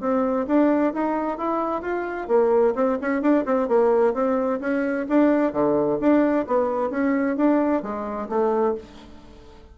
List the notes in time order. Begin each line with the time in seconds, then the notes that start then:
0.00 C4
0.47 D4
0.93 D#4
1.38 E4
1.81 F4
2.28 A#3
2.75 C4
3.01 C#4
3.21 D4
3.45 C4
3.68 A#3
4.13 C4
4.60 C#4
5.08 D4
5.52 D3
6.00 D4
6.47 B3
6.90 C#4
7.36 D4
7.82 G#3
8.29 A3